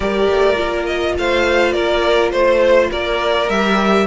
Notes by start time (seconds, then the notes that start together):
0.00 G3 G4 A#4 D5
0.29 A3
0.55 A#3 F4
0.85 D#5
1.17 A3 C5 F5
1.72 A#3 A#4 D5
2.31 A3 C5
2.90 A#3 A#4 D5
3.48 G3 G4 E5